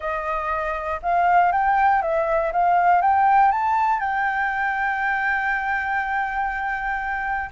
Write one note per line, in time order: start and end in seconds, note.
0.00 1.00 D#5
1.02 1.52 F5
1.52 2.02 G5
2.02 2.52 E5
2.52 3.01 F5
3.01 3.51 G5
3.51 4.00 A5
4.00 7.50 G5